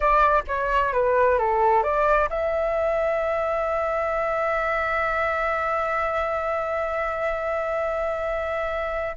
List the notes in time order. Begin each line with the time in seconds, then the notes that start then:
0.00 D5
0.47 C#5
0.93 B4
1.38 A4
1.83 D5
2.29 E5